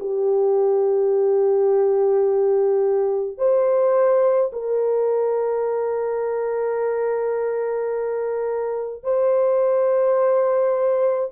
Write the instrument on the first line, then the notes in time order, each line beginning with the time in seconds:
horn
0.00 G4
3.38 C5
4.53 A#4
9.04 C5